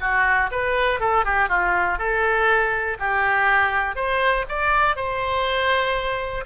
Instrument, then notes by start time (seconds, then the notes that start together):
oboe
0.00 F#4
0.51 B4
1.00 A4
1.25 G4
1.49 F4
1.98 A4
2.99 G4
3.95 C5
4.48 D5
4.96 C5